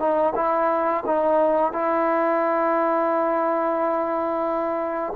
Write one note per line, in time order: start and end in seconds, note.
0.00 0.34 D#4
0.36 1.04 E4
1.07 1.73 D#4
1.73 5.14 E4